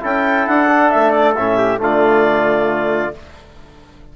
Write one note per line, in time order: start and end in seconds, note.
0.00 0.47 C#4
0.00 0.67 E4
0.00 1.57 A4
0.00 0.47 G5
0.47 0.92 D4
0.47 0.90 F#5
0.68 1.35 D4
0.90 1.37 A3
0.90 1.10 E5
1.10 1.33 D5
1.35 1.80 A2
1.35 1.77 C#4
1.35 1.79 E5
1.57 1.79 G4
1.77 3.13 D3
1.77 3.11 A3
1.77 3.16 F4
1.77 3.15 D5